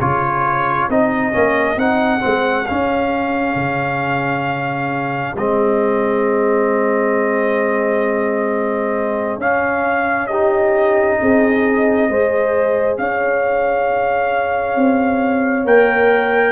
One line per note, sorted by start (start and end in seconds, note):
0.00 0.89 C#3
0.00 0.90 F4
0.00 10.28 G#4
0.00 0.90 C#5
0.89 1.34 C4
0.89 1.32 D#4
0.89 1.79 D#5
1.32 1.76 A#3
1.32 1.77 C#4
1.76 2.21 C4
1.76 2.20 D#4
1.76 2.66 F#5
2.20 2.70 G#3
2.20 2.64 C4
2.66 5.36 C#4
2.66 3.55 C#4
2.66 5.35 F5
3.55 5.34 C#3
5.35 9.37 G#3
5.35 9.41 C4
5.35 9.40 D#5
9.37 11.16 C#4
9.37 10.30 C#4
9.37 10.27 F5
10.27 12.10 D#4
10.27 11.18 G4
10.27 12.96 D#5
11.21 12.09 C4
11.21 12.10 G#4
12.09 12.98 G#3
12.09 15.66 G#4
12.09 13.00 C5
12.98 14.76 C#4
12.98 16.52 C#5
12.98 15.66 F5
14.76 15.64 C4
15.64 16.52 A#3
15.64 16.52 A#4
15.64 16.52 G5